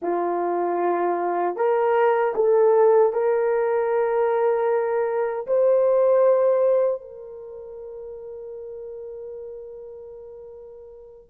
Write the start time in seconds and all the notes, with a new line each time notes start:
0.01 F4
1.56 A#4
2.35 A4
3.12 A#4
5.47 C5
7.01 A#4